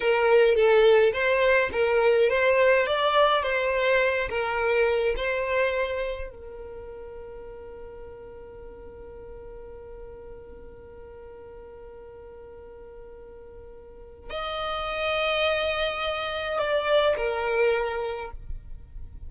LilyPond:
\new Staff \with { instrumentName = "violin" } { \time 4/4 \tempo 4 = 105 ais'4 a'4 c''4 ais'4 | c''4 d''4 c''4. ais'8~ | ais'4 c''2 ais'4~ | ais'1~ |
ais'1~ | ais'1~ | ais'4 dis''2.~ | dis''4 d''4 ais'2 | }